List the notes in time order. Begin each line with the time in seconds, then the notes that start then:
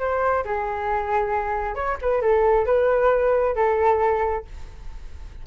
0.00 C5
0.45 G#4
1.75 C#5
2.02 B4
2.22 A4
2.66 B4
3.56 A4